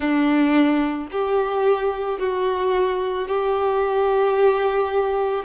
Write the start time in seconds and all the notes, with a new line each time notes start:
0.00 D4
1.11 G4
2.19 F#4
3.27 G4